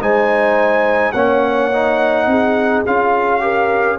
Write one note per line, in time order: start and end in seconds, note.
0.00 1.13 G#3
0.00 1.13 D#4
0.00 1.13 C5
0.00 1.12 G#5
1.12 2.27 A#3
1.12 1.72 C#4
1.12 2.26 C#5
1.12 2.82 F#5
1.72 2.86 D#4
2.27 2.83 C4
2.27 3.43 G#4
2.86 3.99 C#4
2.86 3.40 F4
2.86 3.99 F5
3.40 3.97 G4
3.40 3.99 A#4